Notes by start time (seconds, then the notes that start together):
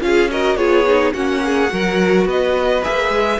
0.00 C#4 F4 G#4 F5
0.30 F#4 A#4 D#5
0.56 B3 F4 G#4 C#5
0.87 D#4
1.14 A#3 C#4 F#4 F#5
1.45 G#4
1.69 F#3 F#4 A#4
2.25 B3 B4 D#5
2.82 A#3 G#4 E5
3.10 G#3